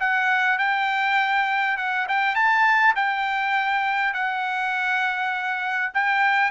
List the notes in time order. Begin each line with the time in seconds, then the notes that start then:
0.00 F#5
0.58 G5
1.77 F#5
2.08 G5
2.35 A5
2.96 G5
4.13 F#5
5.94 G5